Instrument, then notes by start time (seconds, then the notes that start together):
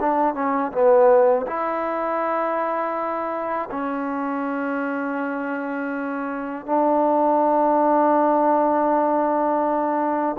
trombone
0.00 D4
0.34 C#4
0.72 B3
1.47 E4
3.71 C#4
6.66 D4